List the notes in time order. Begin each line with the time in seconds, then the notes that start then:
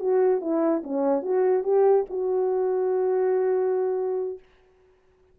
0.00 F#4
0.41 E4
0.84 C#4
1.23 F#4
1.64 G4
2.10 F#4